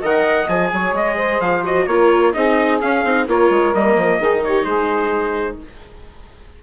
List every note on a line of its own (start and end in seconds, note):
0.00 0.48 D#3
0.00 0.48 A#4
0.00 0.70 D#5
0.00 0.49 F#5
0.48 0.71 F3
0.48 1.64 G#4
0.48 0.95 G#5
0.73 0.92 F#3
0.73 1.16 C#5
0.92 1.39 G#3
0.92 1.41 D#5
1.16 1.86 C5
1.40 1.86 F3
1.40 1.64 F5
1.64 1.87 F#4
1.64 1.86 D#5
1.86 2.33 A#3
1.86 2.33 F4
1.86 2.34 A#4
1.86 2.33 C#5
2.33 2.82 C4
2.33 2.80 D#4
2.33 3.26 G#4
2.33 2.80 D#5
2.81 3.05 C#4
2.81 3.04 C#4
2.81 3.27 F5
3.04 3.27 C4
3.04 3.28 D#4
3.26 3.50 A#3
3.26 3.74 F4
3.26 4.19 A#4
3.26 3.74 C#5
3.50 3.73 G#3
3.74 3.96 G3
3.74 4.20 A#3
3.74 4.44 D#5
3.96 4.19 F3
4.19 4.65 D#3
4.19 5.62 D#4
4.19 4.42 G#4
4.44 4.66 G4
4.44 4.64 C#5
4.64 5.58 G#3
4.64 5.59 G#4
4.64 5.57 C5